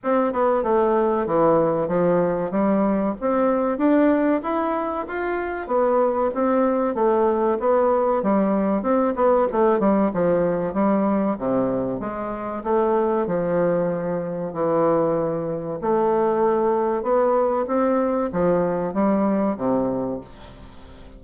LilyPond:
\new Staff \with { instrumentName = "bassoon" } { \time 4/4 \tempo 4 = 95 c'8 b8 a4 e4 f4 | g4 c'4 d'4 e'4 | f'4 b4 c'4 a4 | b4 g4 c'8 b8 a8 g8 |
f4 g4 c4 gis4 | a4 f2 e4~ | e4 a2 b4 | c'4 f4 g4 c4 | }